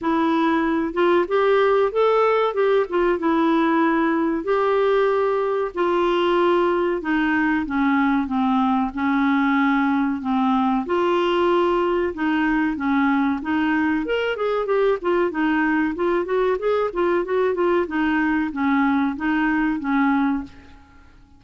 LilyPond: \new Staff \with { instrumentName = "clarinet" } { \time 4/4 \tempo 4 = 94 e'4. f'8 g'4 a'4 | g'8 f'8 e'2 g'4~ | g'4 f'2 dis'4 | cis'4 c'4 cis'2 |
c'4 f'2 dis'4 | cis'4 dis'4 ais'8 gis'8 g'8 f'8 | dis'4 f'8 fis'8 gis'8 f'8 fis'8 f'8 | dis'4 cis'4 dis'4 cis'4 | }